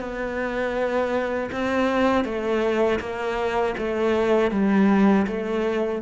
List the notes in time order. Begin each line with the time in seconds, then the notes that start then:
0.00 B3
1.52 C4
2.25 A3
3.00 A#3
3.78 A3
4.51 G3
5.27 A3